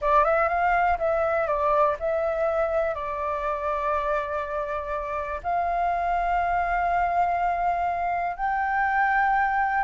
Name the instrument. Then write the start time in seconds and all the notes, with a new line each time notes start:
flute
0.01 D5
0.24 E5
0.48 F5
0.98 E5
1.47 D5
1.99 E5
2.95 D5
5.43 F5
8.36 G5